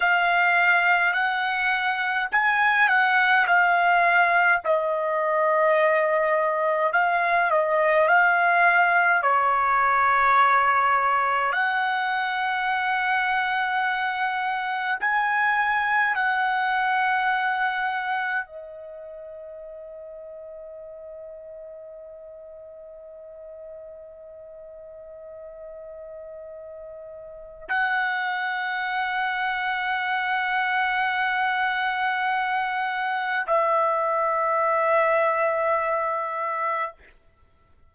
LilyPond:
\new Staff \with { instrumentName = "trumpet" } { \time 4/4 \tempo 4 = 52 f''4 fis''4 gis''8 fis''8 f''4 | dis''2 f''8 dis''8 f''4 | cis''2 fis''2~ | fis''4 gis''4 fis''2 |
dis''1~ | dis''1 | fis''1~ | fis''4 e''2. | }